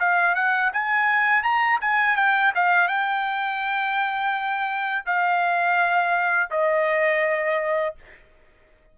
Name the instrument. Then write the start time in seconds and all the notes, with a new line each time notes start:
trumpet
0.00 F5
0.35 F#5
0.73 G#5
1.43 A#5
1.81 G#5
2.17 G5
2.55 F5
2.88 G5
5.06 F5
6.51 D#5